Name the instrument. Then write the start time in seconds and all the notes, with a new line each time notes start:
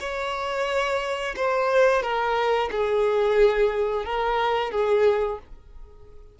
violin
0.00 C#5
1.36 C5
2.03 A#4
2.71 G#4
4.05 A#4
4.72 G#4